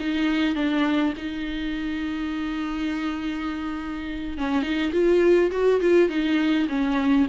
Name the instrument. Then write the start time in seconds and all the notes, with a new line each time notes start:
viola
0.00 D#4
0.55 D4
1.17 D#4
4.38 C#4
4.63 D#4
4.92 F4
5.51 F#4
5.81 F4
6.10 D#4
6.69 C#4